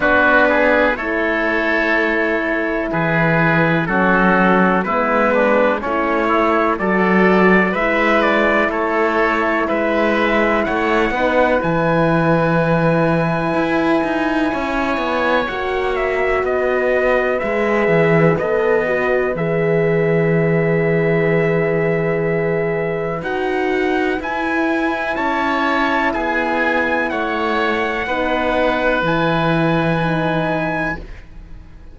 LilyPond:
<<
  \new Staff \with { instrumentName = "trumpet" } { \time 4/4 \tempo 4 = 62 b'4 cis''2 b'4 | a'4 b'4 cis''4 d''4 | e''8 d''8 cis''4 e''4 fis''4 | gis''1 |
fis''8 e''8 dis''4 e''4 dis''4 | e''1 | fis''4 gis''4 a''4 gis''4 | fis''2 gis''2 | }
  \new Staff \with { instrumentName = "oboe" } { \time 4/4 fis'8 gis'8 a'2 gis'4 | fis'4 e'8 d'8 cis'8 e'8 a'4 | b'4 a'4 b'4 cis''8 b'8~ | b'2. cis''4~ |
cis''4 b'2.~ | b'1~ | b'2 cis''4 gis'4 | cis''4 b'2. | }
  \new Staff \with { instrumentName = "horn" } { \time 4/4 d'4 e'2. | cis'4 b4 e'4 fis'4 | e'2.~ e'8 dis'8 | e'1 |
fis'2 gis'4 a'8 fis'8 | gis'1 | fis'4 e'2.~ | e'4 dis'4 e'4 dis'4 | }
  \new Staff \with { instrumentName = "cello" } { \time 4/4 b4 a2 e4 | fis4 gis4 a4 fis4 | gis4 a4 gis4 a8 b8 | e2 e'8 dis'8 cis'8 b8 |
ais4 b4 gis8 e8 b4 | e1 | dis'4 e'4 cis'4 b4 | a4 b4 e2 | }
>>